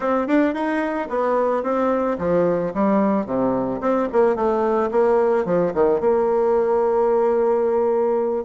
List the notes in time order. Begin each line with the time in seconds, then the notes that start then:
0.00 C4
0.27 D4
0.53 D#4
1.09 B3
1.63 C4
2.18 F3
2.74 G3
3.26 C3
3.80 C4
4.12 A#3
4.35 A3
4.91 A#3
5.45 F3
5.73 D#3
6.00 A#3